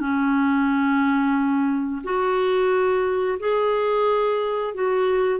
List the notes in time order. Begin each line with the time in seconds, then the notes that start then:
0.00 C#4
2.04 F#4
3.39 G#4
4.74 F#4